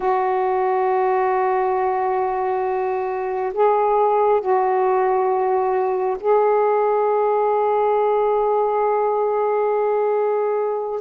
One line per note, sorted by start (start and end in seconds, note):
0.00 3.53 F#4
3.53 4.40 G#4
4.40 6.17 F#4
6.20 11.00 G#4